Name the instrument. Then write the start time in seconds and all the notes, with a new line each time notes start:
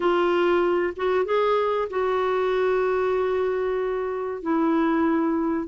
clarinet
0.00 F4
0.96 F#4
1.25 G#4
1.90 F#4
4.42 E4